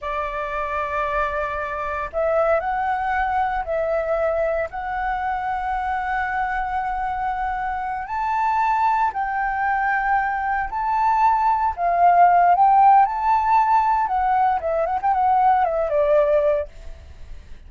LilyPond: \new Staff \with { instrumentName = "flute" } { \time 4/4 \tempo 4 = 115 d''1 | e''4 fis''2 e''4~ | e''4 fis''2.~ | fis''2.~ fis''8 a''8~ |
a''4. g''2~ g''8~ | g''8 a''2 f''4. | g''4 a''2 fis''4 | e''8 fis''16 g''16 fis''4 e''8 d''4. | }